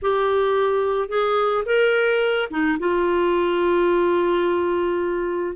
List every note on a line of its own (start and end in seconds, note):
0.02 1.08 G4
1.08 1.64 G#4
1.65 2.49 A#4
2.50 2.78 D#4
2.79 5.56 F4